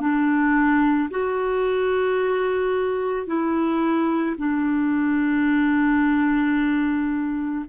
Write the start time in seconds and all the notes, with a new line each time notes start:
0.00 D4
1.10 F#4
3.26 E4
4.38 D4